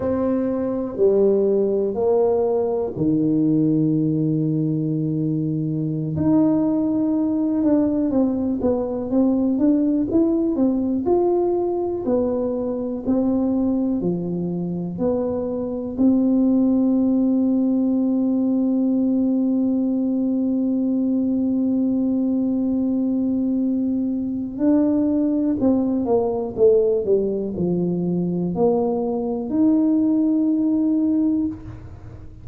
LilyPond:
\new Staff \with { instrumentName = "tuba" } { \time 4/4 \tempo 4 = 61 c'4 g4 ais4 dis4~ | dis2~ dis16 dis'4. d'16~ | d'16 c'8 b8 c'8 d'8 e'8 c'8 f'8.~ | f'16 b4 c'4 f4 b8.~ |
b16 c'2.~ c'8.~ | c'1~ | c'4 d'4 c'8 ais8 a8 g8 | f4 ais4 dis'2 | }